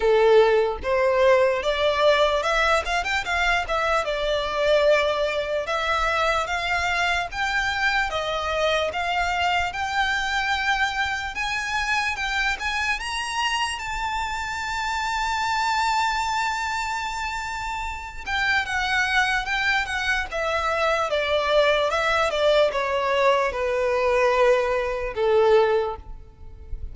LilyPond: \new Staff \with { instrumentName = "violin" } { \time 4/4 \tempo 4 = 74 a'4 c''4 d''4 e''8 f''16 g''16 | f''8 e''8 d''2 e''4 | f''4 g''4 dis''4 f''4 | g''2 gis''4 g''8 gis''8 |
ais''4 a''2.~ | a''2~ a''8 g''8 fis''4 | g''8 fis''8 e''4 d''4 e''8 d''8 | cis''4 b'2 a'4 | }